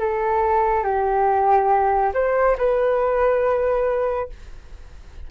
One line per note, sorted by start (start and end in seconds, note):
0.00 0.84 A4
0.84 2.13 G4
2.14 2.57 C5
2.58 4.30 B4